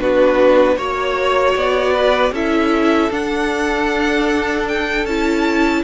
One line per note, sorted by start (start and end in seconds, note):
0.00 0.77 B3
0.00 0.78 D4
0.00 0.77 F#4
0.00 0.78 B4
0.77 1.55 A#3
0.77 2.35 F#4
0.77 1.94 C#5
0.77 1.56 C#5
1.56 2.32 B3
1.56 2.34 D5
1.94 2.32 B4
2.32 3.10 C#4
2.32 3.12 E4
2.32 5.84 A4
2.32 3.12 E5
3.11 5.06 D4
3.11 4.68 F#5
4.69 5.06 G5
5.06 5.84 C#4
5.06 5.85 E4
5.06 5.84 A5